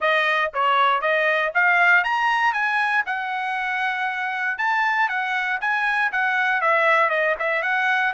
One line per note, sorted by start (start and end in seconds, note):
0.00 0.51 D#5
0.53 1.01 C#5
1.01 1.51 D#5
1.54 2.04 F5
2.04 2.53 A#5
2.53 3.04 G#5
3.05 4.57 F#5
4.57 5.08 A5
5.08 5.59 F#5
5.60 6.11 G#5
6.12 6.61 F#5
6.61 7.09 E5
7.09 7.35 D#5
7.39 7.62 E5
7.62 8.13 F#5